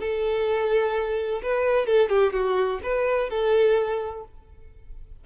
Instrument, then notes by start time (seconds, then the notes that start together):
violin
0.00 A4
1.42 B4
1.86 A4
2.09 G4
2.33 F#4
2.83 B4
3.30 A4